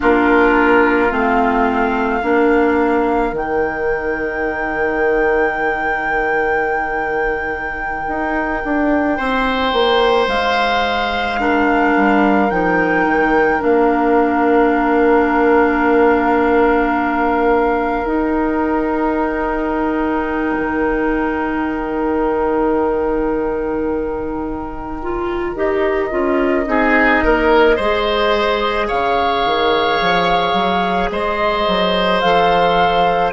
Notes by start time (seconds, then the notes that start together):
0.00 A#3 D4 F4 A#4
1.10 A3 C4 F5
2.22 A#3 D4 A#4
3.32 D#3 D#4 G5
8.07 D#4
8.64 D4
9.17 C4 C5
9.72 A#3
10.27 G#3 F5
11.38 D4 A#4
11.96 G3
12.49 F3 D#4 G5
13.06 D#3
13.59 A#3 D4 F5
18.05 D#4 G5
20.57 D#3
25.02 F4
25.55 D#4 G4 D#5
26.09 C#4 F4
26.64 C4 D#4 G#4
27.24 A#3 A#4
27.76 G#3 G#4 C5
28.87 C#3 C#5 F5
29.45 D#3
30.00 F3
30.53 F#3
31.10 G#3 C5 D#5
31.67 F#3
32.20 F3 A4 F5